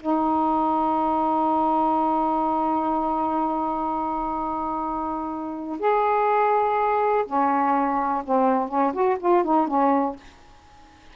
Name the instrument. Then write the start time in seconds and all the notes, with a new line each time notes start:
saxophone
0.00 D#4
5.79 G#4
7.26 C#4
8.25 C4
8.68 C#4
8.93 F#4
9.20 F4
9.44 D#4
9.68 C#4